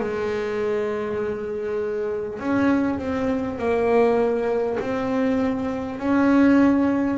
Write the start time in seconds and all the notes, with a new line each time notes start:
0.00 G#3
2.39 C#4
2.99 C4
3.58 A#3
4.79 C4
5.99 C#4